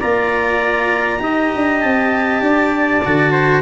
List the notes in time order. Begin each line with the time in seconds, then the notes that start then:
0.00 A#3 F4 D5 A#5
1.19 D#4 G4 D#5
1.56 D4
1.80 C4 A5
2.41 D4 D5
3.05 D3 F#4
3.32 C5